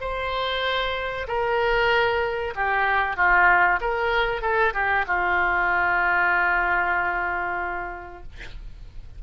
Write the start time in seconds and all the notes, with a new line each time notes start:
0.00 C5
1.27 A#4
2.55 G4
3.16 F4
3.80 A#4
4.41 A4
4.73 G4
5.07 F4